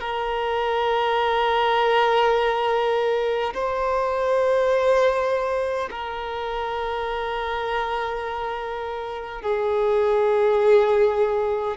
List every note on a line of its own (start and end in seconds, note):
0.00 3.53 A#4
3.53 5.89 C5
5.90 9.42 A#4
9.42 11.77 G#4